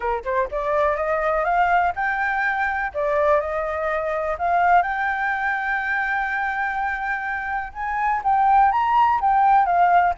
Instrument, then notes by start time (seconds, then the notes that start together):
flute
0.00 A#4
0.24 C5
0.51 D5
0.96 D#5
1.44 F5
1.95 G5
2.94 D5
3.40 D#5
4.38 F5
4.82 G5
7.73 G#5
8.23 G5
8.71 A#5
9.20 G5
9.65 F5